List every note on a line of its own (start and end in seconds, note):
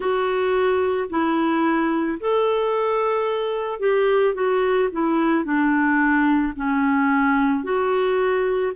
0.00 1.09 F#4
1.09 2.18 E4
2.20 3.79 A4
3.79 4.34 G4
4.34 4.88 F#4
4.91 5.44 E4
5.44 6.53 D4
6.56 7.63 C#4
7.63 8.72 F#4